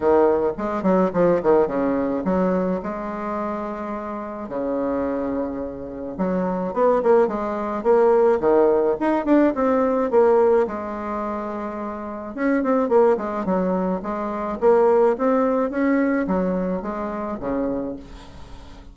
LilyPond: \new Staff \with { instrumentName = "bassoon" } { \time 4/4 \tempo 4 = 107 dis4 gis8 fis8 f8 dis8 cis4 | fis4 gis2. | cis2. fis4 | b8 ais8 gis4 ais4 dis4 |
dis'8 d'8 c'4 ais4 gis4~ | gis2 cis'8 c'8 ais8 gis8 | fis4 gis4 ais4 c'4 | cis'4 fis4 gis4 cis4 | }